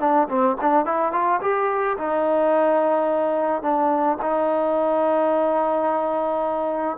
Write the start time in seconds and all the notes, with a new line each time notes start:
0.00 D4
0.29 C4
0.61 D4
0.85 E4
1.12 F4
1.41 G4
1.98 D#4
3.62 D4
4.22 D#4